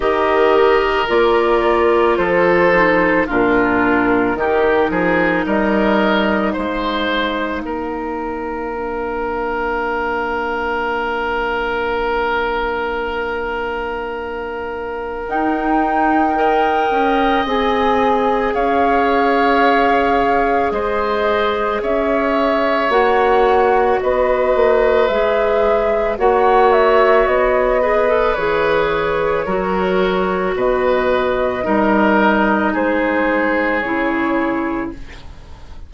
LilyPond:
<<
  \new Staff \with { instrumentName = "flute" } { \time 4/4 \tempo 4 = 55 dis''4 d''4 c''4 ais'4~ | ais'4 dis''4 f''2~ | f''1~ | f''2 g''2 |
gis''4 f''2 dis''4 | e''4 fis''4 dis''4 e''4 | fis''8 e''8 dis''4 cis''2 | dis''2 c''4 cis''4 | }
  \new Staff \with { instrumentName = "oboe" } { \time 4/4 ais'2 a'4 f'4 | g'8 gis'8 ais'4 c''4 ais'4~ | ais'1~ | ais'2. dis''4~ |
dis''4 cis''2 c''4 | cis''2 b'2 | cis''4. b'4. ais'4 | b'4 ais'4 gis'2 | }
  \new Staff \with { instrumentName = "clarinet" } { \time 4/4 g'4 f'4. dis'8 d'4 | dis'1 | d'1~ | d'2 dis'4 ais'4 |
gis'1~ | gis'4 fis'2 gis'4 | fis'4. gis'16 a'16 gis'4 fis'4~ | fis'4 dis'2 e'4 | }
  \new Staff \with { instrumentName = "bassoon" } { \time 4/4 dis4 ais4 f4 ais,4 | dis8 f8 g4 gis4 ais4~ | ais1~ | ais2 dis'4. cis'8 |
c'4 cis'2 gis4 | cis'4 ais4 b8 ais8 gis4 | ais4 b4 e4 fis4 | b,4 g4 gis4 cis4 | }
>>